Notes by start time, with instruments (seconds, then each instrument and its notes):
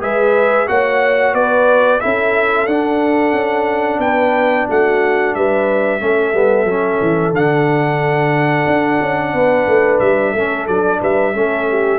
0.00 tuba G#3, trombone G#4, horn B4, trumpet E5
0.66 tuba A#3, trombone F#4, horn C#5, trumpet F#5
1.33 tuba B3, horn B4, trumpet D5
2.00 tuba C#4, trombone E4, horn A4, trumpet E5
2.66 tuba D4, trombone D4, trumpet F#5
3.32 tuba C#4
3.98 tuba B3, horn B4, trumpet G5
4.69 tuba A3, horn F#4, trumpet F#5
5.34 tuba G3, horn B4, trumpet E5
6.00 tuba A3, trombone C#4, horn A4
6.33 tuba G3, trombone B3
6.64 tuba F#3, trombone C#4
7.01 tuba E3
7.32 tuba D3, trombone D4, trumpet F#5
8.67 tuba D4
9.01 tuba C#4
9.33 tuba B3, horn B4
9.67 tuba A3
9.99 tuba G3, trumpet E5
10.32 tuba A3, trombone C#4, horn A4
10.67 tuba F#3, trombone D4, trumpet D5
11.01 tuba G3, horn B4, trumpet E5
11.33 tuba A3, trombone C#4, horn A4
11.69 horn G4